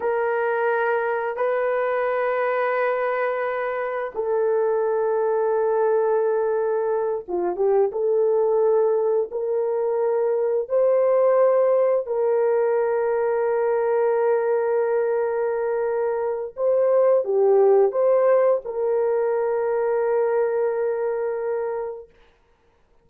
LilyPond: \new Staff \with { instrumentName = "horn" } { \time 4/4 \tempo 4 = 87 ais'2 b'2~ | b'2 a'2~ | a'2~ a'8 f'8 g'8 a'8~ | a'4. ais'2 c''8~ |
c''4. ais'2~ ais'8~ | ais'1 | c''4 g'4 c''4 ais'4~ | ais'1 | }